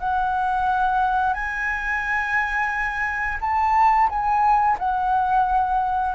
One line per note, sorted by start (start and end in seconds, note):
0.00 1.34 F#5
1.34 3.39 G#5
3.41 4.09 A5
4.10 4.78 G#5
4.79 6.16 F#5